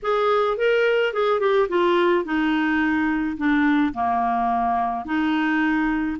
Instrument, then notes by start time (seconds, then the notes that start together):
clarinet
0.02 G#4
0.57 A#4
1.13 G#4
1.40 G4
1.68 F4
2.24 D#4
3.37 D4
3.93 A#3
5.05 D#4